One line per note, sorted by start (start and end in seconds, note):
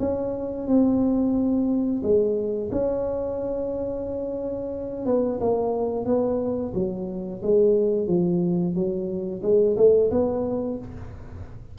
0.00 0.67 C#4
0.67 2.02 C4
2.03 2.71 G#3
2.72 5.06 C#4
5.06 5.40 B3
5.41 6.06 A#3
6.06 6.73 B3
6.74 7.42 F#3
7.43 8.08 G#3
8.08 8.75 F3
8.75 9.42 F#3
9.43 9.77 G#3
9.77 10.11 A3
10.11 10.78 B3